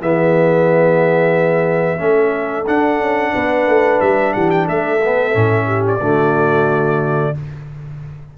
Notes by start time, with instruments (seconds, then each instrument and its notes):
0.00 tuba E3, trombone B3, horn G#4, trumpet E5
1.98 tuba A3, trombone C#4, horn A4
2.66 trombone D4, tuba D4, trumpet F#5
3.00 tuba C#4
3.32 tuba B3, horn B4
3.67 tuba A3
4.00 tuba G3, trumpet E5
4.32 tuba E3, horn G4, trumpet F#5
4.50 trumpet G5
4.65 tuba A3, horn A4, trumpet E5
5.03 trombone B3
5.33 tuba A2, trombone C#4
5.66 horn G4
5.87 trumpet D5
6.00 tuba D3, trombone A3, horn F#4